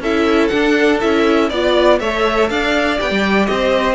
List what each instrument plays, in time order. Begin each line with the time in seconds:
0.00 cello C#4, viola E4, violin A4 E5
0.48 viola D4, cello D4, violin F#5
1.00 cello C#4, viola E4, violin E5
1.49 cello B3, viola F4, violin D5
1.99 cello A3, viola A4, violin C#5 E5
2.49 cello D4, violin D5 F5
2.97 cello B3, viola G4, violin G5
3.10 cello G3
3.45 cello C4, violin C5 D#5